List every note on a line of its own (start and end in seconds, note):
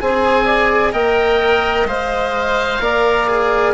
0.00 0.93 C4
0.00 0.92 G#4
0.00 0.45 C5
0.00 0.93 G#5
0.45 0.92 D5
0.92 1.86 A#3
0.92 1.86 A#4
0.92 2.80 D#5
0.92 1.87 G5
1.86 2.79 G#3
1.86 2.81 C5
1.86 3.73 F5
2.80 3.73 A#3
2.80 3.28 A#4
2.80 3.73 D5
3.28 3.73 G#4